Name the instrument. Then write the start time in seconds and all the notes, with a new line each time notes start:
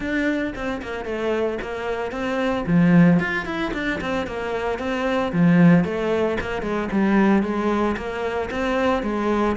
cello
0.00 D4
0.55 C4
0.82 A#3
1.05 A3
1.61 A#3
2.11 C4
2.66 F3
3.19 F4
3.45 E4
3.73 D4
4.00 C4
4.26 A#3
4.79 C4
5.32 F3
5.84 A3
6.40 A#3
6.62 G#3
6.91 G3
7.42 G#3
7.96 A#3
8.51 C4
9.03 G#3